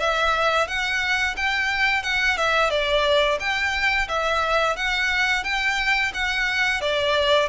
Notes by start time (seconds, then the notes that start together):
0.00 E5
0.68 F#5
1.37 G5
2.03 F#5
2.37 E5
2.71 D5
3.40 G5
4.08 E5
4.76 F#5
5.44 G5
6.14 F#5
6.81 D5